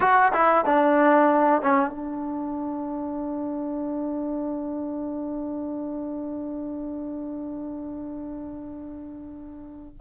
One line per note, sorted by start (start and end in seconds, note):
0.00 0.32 F#4
0.33 0.65 E4
0.65 1.61 D4
1.62 1.90 C#4
1.90 9.96 D4